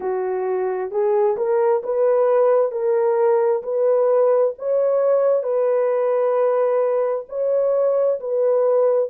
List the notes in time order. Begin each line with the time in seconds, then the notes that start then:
0.00 F#4
0.91 G#4
1.36 A#4
1.83 B4
2.71 A#4
3.62 B4
4.58 C#5
5.43 B4
7.29 C#5
8.20 B4